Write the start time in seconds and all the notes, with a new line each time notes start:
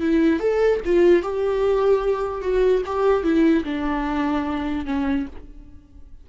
0.00 E4
0.40 A4
0.85 F4
1.22 G4
2.41 F#4
2.85 G4
3.23 E4
3.64 D4
4.85 C#4